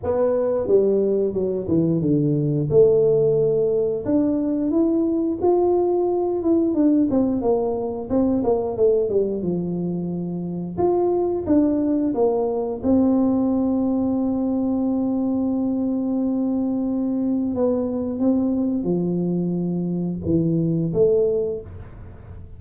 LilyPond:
\new Staff \with { instrumentName = "tuba" } { \time 4/4 \tempo 4 = 89 b4 g4 fis8 e8 d4 | a2 d'4 e'4 | f'4. e'8 d'8 c'8 ais4 | c'8 ais8 a8 g8 f2 |
f'4 d'4 ais4 c'4~ | c'1~ | c'2 b4 c'4 | f2 e4 a4 | }